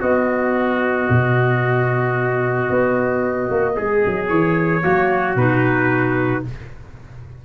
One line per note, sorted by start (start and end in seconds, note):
0.00 4.81 B3
0.00 1.09 B3
0.00 3.75 F#4
0.00 4.28 D#5
1.09 2.70 B2
2.70 3.50 B3
3.51 3.78 A#3
3.76 4.06 G#3
3.76 4.83 G#4
4.06 4.29 F#3
4.28 4.83 E3
4.28 5.35 C#5
4.81 5.35 F#3
4.81 5.35 A#3
4.81 6.44 F#4
5.35 6.43 B2
5.35 6.45 D#4
5.35 6.44 B4